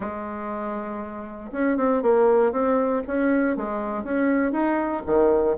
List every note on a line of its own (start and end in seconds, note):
0.00 1.50 G#3
1.52 1.77 C#4
1.77 2.02 C4
2.02 2.52 A#3
2.52 3.02 C4
3.07 3.56 C#4
3.56 4.03 G#3
4.03 4.51 C#4
4.51 5.02 D#4
5.06 5.56 D#3